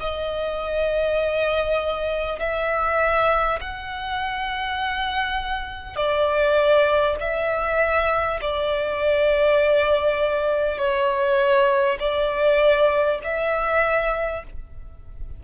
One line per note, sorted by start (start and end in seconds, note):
0.00 2.39 D#5
2.39 3.59 E5
3.61 5.96 F#5
5.96 7.16 D5
7.21 8.41 E5
8.41 10.78 D5
10.78 11.98 C#5
12.00 13.20 D5
13.24 14.44 E5